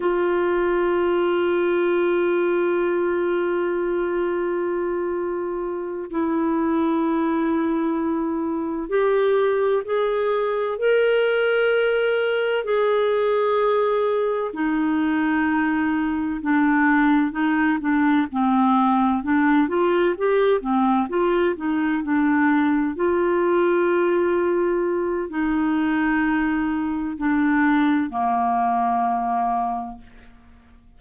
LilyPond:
\new Staff \with { instrumentName = "clarinet" } { \time 4/4 \tempo 4 = 64 f'1~ | f'2~ f'8 e'4.~ | e'4. g'4 gis'4 ais'8~ | ais'4. gis'2 dis'8~ |
dis'4. d'4 dis'8 d'8 c'8~ | c'8 d'8 f'8 g'8 c'8 f'8 dis'8 d'8~ | d'8 f'2~ f'8 dis'4~ | dis'4 d'4 ais2 | }